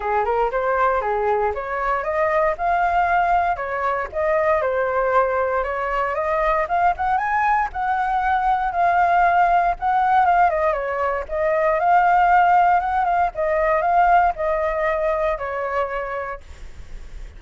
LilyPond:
\new Staff \with { instrumentName = "flute" } { \time 4/4 \tempo 4 = 117 gis'8 ais'8 c''4 gis'4 cis''4 | dis''4 f''2 cis''4 | dis''4 c''2 cis''4 | dis''4 f''8 fis''8 gis''4 fis''4~ |
fis''4 f''2 fis''4 | f''8 dis''8 cis''4 dis''4 f''4~ | f''4 fis''8 f''8 dis''4 f''4 | dis''2 cis''2 | }